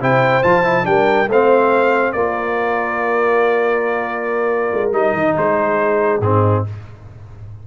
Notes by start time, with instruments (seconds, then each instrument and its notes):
0.00 tuba C3, trombone E4, horn C5, trumpet G5
0.43 tuba F3, trombone F4, trumpet A5
0.64 trombone E4
0.84 tuba G3, trombone D4, horn A#4, trumpet G5
1.28 tuba A3, trombone C4, horn C5, trumpet F5
2.12 tuba A#3, trombone F4, horn A#4, trumpet D5
4.73 tuba G#3
4.92 tuba G3, trombone D#4, trumpet D#5
5.13 tuba D#3
5.38 tuba G#3, horn G#4, trumpet C5
6.20 tuba G#2, trombone C4, horn D#4, trumpet G#4